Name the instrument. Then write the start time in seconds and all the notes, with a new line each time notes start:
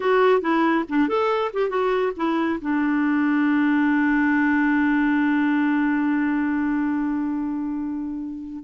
clarinet
0.00 F#4
0.41 E4
0.88 D4
1.08 A4
1.53 G4
1.69 F#4
2.16 E4
2.61 D4